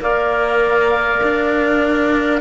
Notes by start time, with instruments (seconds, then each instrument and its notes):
0.00 cello A#3, clarinet A#4, trumpet D5, oboe F5
1.23 cello D4